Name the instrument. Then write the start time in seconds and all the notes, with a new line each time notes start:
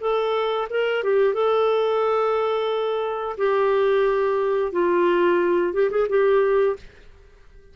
clarinet
0.00 A4
0.70 A#4
1.03 G4
1.34 A4
3.37 G4
4.72 F4
5.73 G4
5.90 G#4
6.09 G4